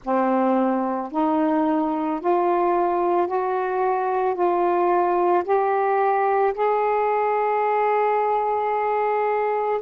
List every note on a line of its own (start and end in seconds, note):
0.03 1.12 C4
1.12 2.20 D#4
2.20 3.27 F4
3.27 4.34 F#4
4.34 5.43 F4
5.44 6.53 G4
6.54 9.81 G#4